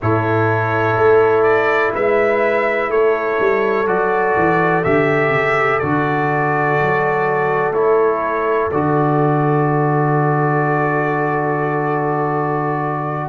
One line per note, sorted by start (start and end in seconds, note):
0.01 0.96 A2
0.01 3.86 E4
0.01 1.94 A4
0.01 1.43 C#5
0.96 1.93 A3
1.43 1.91 D5
1.94 2.88 G#3
1.94 2.90 B4
1.94 2.91 E5
2.88 3.36 A3
2.88 13.29 A4
2.88 3.87 C#5
3.40 3.86 G3
3.86 4.34 F#3
3.86 4.83 F#4
3.86 4.83 D5
4.36 4.84 E3
4.83 5.29 D3
4.83 5.81 G4
4.83 5.79 E5
5.29 5.77 C#3
5.79 6.79 D3
5.79 7.74 F#4
5.79 7.72 D5
6.81 7.70 F#3
7.70 8.67 A3
7.70 8.70 E4
7.70 8.70 C#5
8.71 13.29 D3
8.71 13.29 F#4
8.71 13.29 D5